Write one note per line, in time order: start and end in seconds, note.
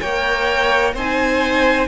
0.00 0.94 A#3
0.00 0.96 A#4
0.00 0.94 C#5
0.00 0.94 G5
0.94 1.88 C4
0.94 1.88 D#4
0.94 1.88 C5
0.94 1.88 G#5